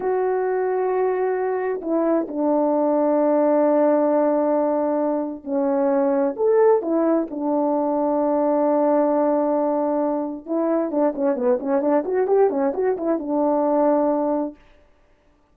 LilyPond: \new Staff \with { instrumentName = "horn" } { \time 4/4 \tempo 4 = 132 fis'1 | e'4 d'2.~ | d'1 | cis'2 a'4 e'4 |
d'1~ | d'2. e'4 | d'8 cis'8 b8 cis'8 d'8 fis'8 g'8 cis'8 | fis'8 e'8 d'2. | }